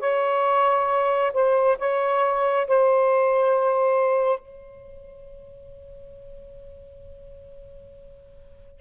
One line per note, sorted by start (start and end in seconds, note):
0.00 1.32 C#5
1.34 1.78 C5
1.79 2.67 C#5
2.68 4.40 C5
4.40 8.81 C#5